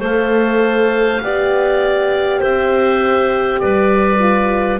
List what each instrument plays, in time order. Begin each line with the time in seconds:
0.00 double bass A3, horn A4, clarinet C5, oboe F5
1.21 double bass B3, horn G4, clarinet D5
2.39 double bass C4, clarinet C5, oboe E5
3.60 double bass G3, clarinet B4, oboe D5
4.19 horn F4